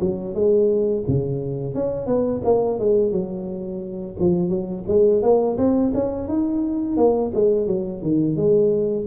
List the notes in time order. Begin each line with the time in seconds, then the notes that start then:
0.00 F#3
0.34 G#3
1.07 C#3
1.74 C#4
2.06 B3
2.44 A#3
2.79 G#3
3.11 F#3
4.20 F3
4.49 F#3
4.87 G#3
5.22 A#3
5.57 C4
5.94 C#4
6.28 D#4
6.97 A#3
7.34 G#3
7.66 F#3
8.01 D#3
8.36 G#3